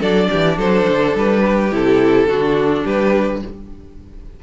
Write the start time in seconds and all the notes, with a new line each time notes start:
0.00 F#3 D4 A4 D5
0.31 E3 G4
0.58 F#3 A4 C5
0.89 D3
1.15 G3 B4
1.45 G4
1.72 C3 E4 A4
2.27 D3 D4 F#4
2.84 G3 G4 B4